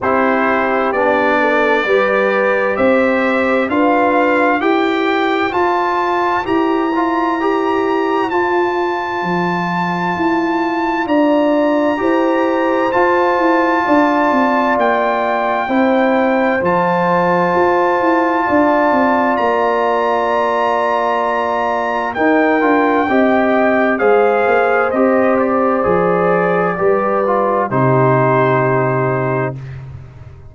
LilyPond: <<
  \new Staff \with { instrumentName = "trumpet" } { \time 4/4 \tempo 4 = 65 c''4 d''2 e''4 | f''4 g''4 a''4 ais''4~ | ais''4 a''2. | ais''2 a''2 |
g''2 a''2~ | a''4 ais''2. | g''2 f''4 dis''8 d''8~ | d''2 c''2 | }
  \new Staff \with { instrumentName = "horn" } { \time 4/4 g'4. a'8 b'4 c''4 | b'4 c''2.~ | c''1 | d''4 c''2 d''4~ |
d''4 c''2. | d''1 | ais'4 dis''4 c''2~ | c''4 b'4 g'2 | }
  \new Staff \with { instrumentName = "trombone" } { \time 4/4 e'4 d'4 g'2 | f'4 g'4 f'4 g'8 f'8 | g'4 f'2.~ | f'4 g'4 f'2~ |
f'4 e'4 f'2~ | f'1 | dis'8 f'8 g'4 gis'4 g'4 | gis'4 g'8 f'8 dis'2 | }
  \new Staff \with { instrumentName = "tuba" } { \time 4/4 c'4 b4 g4 c'4 | d'4 e'4 f'4 e'4~ | e'4 f'4 f4 e'4 | d'4 e'4 f'8 e'8 d'8 c'8 |
ais4 c'4 f4 f'8 e'8 | d'8 c'8 ais2. | dis'8 d'8 c'4 gis8 ais8 c'4 | f4 g4 c2 | }
>>